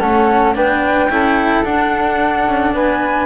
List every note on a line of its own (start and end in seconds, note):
0.00 0.55 A3
0.00 0.55 C#4
0.00 0.55 A4
0.00 0.55 F#5
0.55 1.08 B3
0.55 1.09 D4
0.55 1.10 B4
0.55 1.64 G5
1.08 1.63 C#4
1.08 1.65 E4
1.08 2.75 A4
1.64 2.46 D4
1.64 3.26 D4
1.64 2.73 F#5
2.47 2.73 C#4
2.73 3.26 B3
2.73 3.26 B4
2.73 3.26 G#5